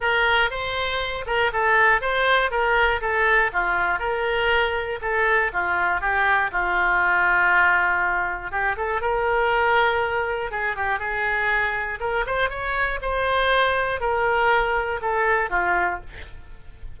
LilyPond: \new Staff \with { instrumentName = "oboe" } { \time 4/4 \tempo 4 = 120 ais'4 c''4. ais'8 a'4 | c''4 ais'4 a'4 f'4 | ais'2 a'4 f'4 | g'4 f'2.~ |
f'4 g'8 a'8 ais'2~ | ais'4 gis'8 g'8 gis'2 | ais'8 c''8 cis''4 c''2 | ais'2 a'4 f'4 | }